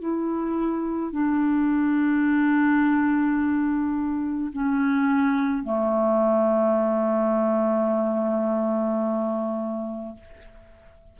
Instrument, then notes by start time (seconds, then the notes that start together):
clarinet
0.00 E4
1.13 D4
4.53 C#4
5.63 A3